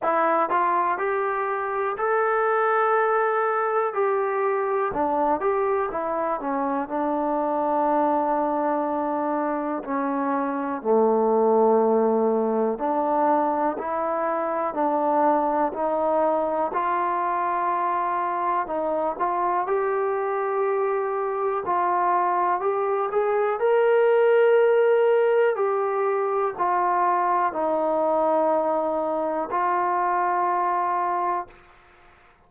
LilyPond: \new Staff \with { instrumentName = "trombone" } { \time 4/4 \tempo 4 = 61 e'8 f'8 g'4 a'2 | g'4 d'8 g'8 e'8 cis'8 d'4~ | d'2 cis'4 a4~ | a4 d'4 e'4 d'4 |
dis'4 f'2 dis'8 f'8 | g'2 f'4 g'8 gis'8 | ais'2 g'4 f'4 | dis'2 f'2 | }